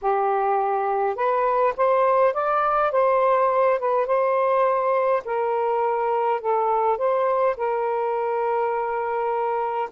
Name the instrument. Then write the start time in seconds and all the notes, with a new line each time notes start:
saxophone
0.01 G4
1.15 B4
1.77 C5
2.33 D5
2.91 C5
3.79 B4
4.06 C5
5.24 A#4
6.40 A4
6.97 C5
7.56 A#4